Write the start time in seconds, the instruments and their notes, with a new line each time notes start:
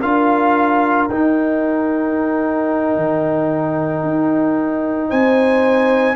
0.00 tuba D4, trombone F4, horn A#4, trumpet F5
1.09 tuba D#4, trombone D#4, trumpet G5
2.96 tuba D#3
4.03 tuba D#4
5.09 tuba C4, horn C5, trumpet G#5